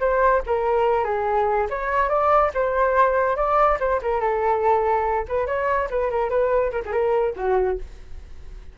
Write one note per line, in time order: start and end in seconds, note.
0.00 0.42 C5
0.46 1.04 A#4
1.04 1.67 G#4
1.69 2.09 C#5
2.09 2.51 D5
2.54 3.36 C5
3.36 3.78 D5
3.79 4.00 C5
4.02 4.20 A#4
4.20 5.25 A4
5.28 5.46 B4
5.46 5.88 C#5
5.90 6.10 B4
6.10 6.29 A#4
6.29 6.71 B4
6.71 6.82 A#4
6.85 6.92 G#4
6.92 7.34 A#4
7.36 7.78 F#4